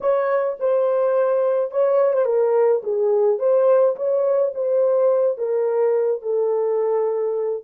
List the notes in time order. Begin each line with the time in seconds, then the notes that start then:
0.01 C#5
0.59 C5
1.71 C#5
2.13 C5
2.25 A#4
2.83 G#4
3.39 C5
3.95 C#5
4.54 C5
5.37 A#4
6.22 A4